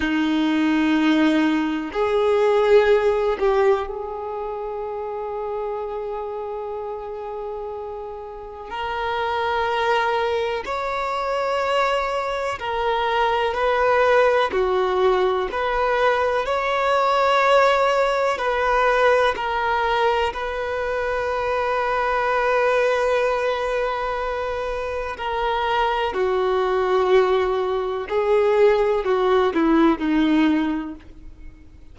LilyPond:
\new Staff \with { instrumentName = "violin" } { \time 4/4 \tempo 4 = 62 dis'2 gis'4. g'8 | gis'1~ | gis'4 ais'2 cis''4~ | cis''4 ais'4 b'4 fis'4 |
b'4 cis''2 b'4 | ais'4 b'2.~ | b'2 ais'4 fis'4~ | fis'4 gis'4 fis'8 e'8 dis'4 | }